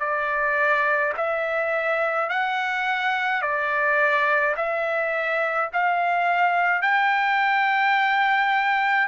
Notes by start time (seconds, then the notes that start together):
0.00 D5
1.17 E5
2.30 F#5
3.42 D5
4.57 E5
5.73 F5
6.82 G5